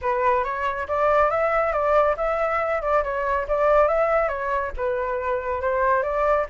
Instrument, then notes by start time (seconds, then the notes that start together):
flute
0.01 B4
0.44 C#5
0.88 D5
1.30 E5
1.72 D5
2.16 E5
2.81 D5
3.03 C#5
3.47 D5
3.88 E5
4.28 C#5
4.76 B4
5.61 C5
6.03 D5